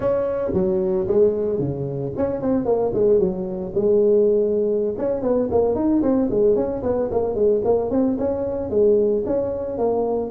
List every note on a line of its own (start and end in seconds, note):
0.00 0.51 C#4
0.53 1.07 F#3
1.07 1.59 G#3
1.59 2.12 C#3
2.16 2.41 C#4
2.41 2.65 C4
2.65 2.91 A#3
2.93 3.19 G#3
3.19 3.73 F#3
3.74 4.95 G#3
4.98 5.22 C#4
5.22 5.48 B3
5.50 5.75 A#3
5.75 6.02 D#4
6.02 6.29 C4
6.30 6.55 G#3
6.55 6.82 C#4
6.83 7.09 B3
7.11 7.35 A#3
7.35 7.61 G#3
7.64 7.90 A#3
7.90 8.17 C4
8.18 8.70 C#4
8.70 9.23 G#3
9.26 9.78 C#4
9.78 10.30 A#3